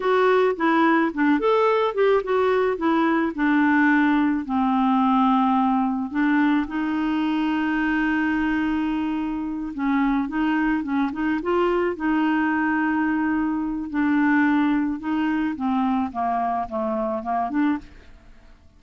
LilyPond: \new Staff \with { instrumentName = "clarinet" } { \time 4/4 \tempo 4 = 108 fis'4 e'4 d'8 a'4 g'8 | fis'4 e'4 d'2 | c'2. d'4 | dis'1~ |
dis'4. cis'4 dis'4 cis'8 | dis'8 f'4 dis'2~ dis'8~ | dis'4 d'2 dis'4 | c'4 ais4 a4 ais8 d'8 | }